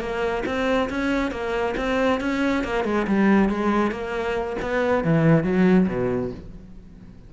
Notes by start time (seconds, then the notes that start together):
0.00 A#3
0.45 C4
0.90 C#4
1.31 A#3
1.76 C4
2.20 C#4
2.64 A#3
2.84 G#3
3.07 G3
3.49 G#3
3.91 A#3
4.61 B3
5.04 E3
5.43 F#3
5.87 B2